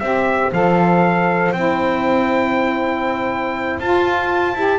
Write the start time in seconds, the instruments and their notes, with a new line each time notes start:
0.00 double bass C4, saxophone G4, horn C5, trumpet E5
0.52 double bass F3, saxophone A4, trumpet F5
1.52 double bass C4, saxophone E4, trumpet G5
3.80 double bass F4, saxophone F4, trumpet A5
4.55 double bass E4, saxophone G4